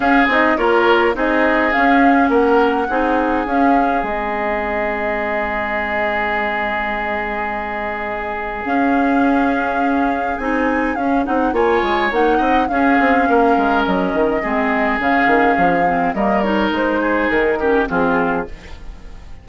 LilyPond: <<
  \new Staff \with { instrumentName = "flute" } { \time 4/4 \tempo 4 = 104 f''8 dis''8 cis''4 dis''4 f''4 | fis''2 f''4 dis''4~ | dis''1~ | dis''2. f''4~ |
f''2 gis''4 f''8 fis''8 | gis''4 fis''4 f''2 | dis''2 f''2 | dis''8 cis''8 c''4 ais'4 gis'4 | }
  \new Staff \with { instrumentName = "oboe" } { \time 4/4 gis'4 ais'4 gis'2 | ais'4 gis'2.~ | gis'1~ | gis'1~ |
gis'1 | cis''4. dis''8 gis'4 ais'4~ | ais'4 gis'2. | ais'4. gis'4 g'8 f'4 | }
  \new Staff \with { instrumentName = "clarinet" } { \time 4/4 cis'8 dis'8 f'4 dis'4 cis'4~ | cis'4 dis'4 cis'4 c'4~ | c'1~ | c'2. cis'4~ |
cis'2 dis'4 cis'8 dis'8 | f'4 dis'4 cis'2~ | cis'4 c'4 cis'4. c'8 | ais8 dis'2 cis'8 c'4 | }
  \new Staff \with { instrumentName = "bassoon" } { \time 4/4 cis'8 c'8 ais4 c'4 cis'4 | ais4 c'4 cis'4 gis4~ | gis1~ | gis2. cis'4~ |
cis'2 c'4 cis'8 c'8 | ais8 gis8 ais8 c'8 cis'8 c'8 ais8 gis8 | fis8 dis8 gis4 cis8 dis8 f4 | g4 gis4 dis4 f4 | }
>>